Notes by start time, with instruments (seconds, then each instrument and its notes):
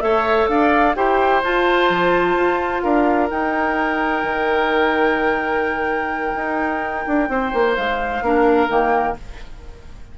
0.00 bassoon A3, clarinet A4, oboe C#5, flute E5
0.48 bassoon D4, oboe D5, flute F5
0.95 bassoon E4, clarinet G4, oboe C5, flute G5
1.43 bassoon F4, clarinet F4, flute A5
1.89 bassoon F3
2.35 bassoon F4
2.81 bassoon D4, oboe A#4, flute F5
3.29 clarinet D#4, bassoon D#4, flute G5
4.23 bassoon D#3
6.34 bassoon D#4
7.06 bassoon D4
7.29 bassoon C4, oboe C5
7.53 bassoon A#3
7.75 bassoon G#3, flute F5
8.21 bassoon A#3, clarinet D4, oboe A#4
8.68 bassoon D#3, clarinet A#3, flute G5